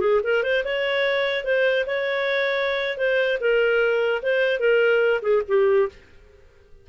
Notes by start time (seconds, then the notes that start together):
0.00 G#4
0.23 A#4
0.43 C5
0.64 C#5
1.44 C5
1.86 C#5
2.97 C5
3.40 A#4
4.22 C5
4.59 A#4
5.22 G#4
5.47 G4